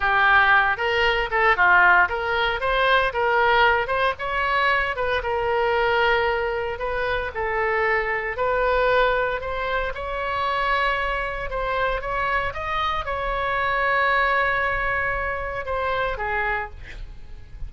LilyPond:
\new Staff \with { instrumentName = "oboe" } { \time 4/4 \tempo 4 = 115 g'4. ais'4 a'8 f'4 | ais'4 c''4 ais'4. c''8 | cis''4. b'8 ais'2~ | ais'4 b'4 a'2 |
b'2 c''4 cis''4~ | cis''2 c''4 cis''4 | dis''4 cis''2.~ | cis''2 c''4 gis'4 | }